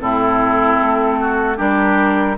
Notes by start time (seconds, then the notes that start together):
0.00 A2 C4 E4 A4
0.81 A3
1.21 F#4
1.57 G3 D4 G4 A#4